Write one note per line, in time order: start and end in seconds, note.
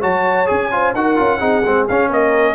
0.00 0.49 F#3
0.00 0.45 F#4
0.00 0.69 C#5
0.00 0.47 A5
0.45 0.94 C#4
0.45 0.68 G#4
0.45 0.93 G#5
0.71 0.94 F4
0.71 0.95 C5
0.94 1.17 D#4
0.94 1.16 F#4
0.94 1.39 A#4
0.94 1.87 F#5
1.16 1.40 C#4
1.16 1.39 F4
1.39 1.63 C4
1.39 1.62 D#4
1.39 2.08 G#4
1.65 1.88 G#3
1.65 1.88 C4
1.87 2.10 C#4
1.87 2.55 C#4
1.87 2.11 F5
2.08 2.55 A#3
2.08 2.54 A#4
2.08 2.55 D#5